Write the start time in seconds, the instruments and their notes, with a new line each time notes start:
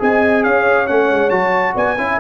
0.00 tuba C4, trombone G#4, horn D#5, trumpet G#5
0.44 tuba C#4, horn C#5, trumpet F5
0.88 tuba A3, trombone C#4, trumpet F#5
1.11 tuba G#3
1.30 tuba F#3, trombone F#4, trumpet A5
1.74 tuba B3, horn D5, trumpet G#5
1.98 tuba C#4, trombone E4, horn E5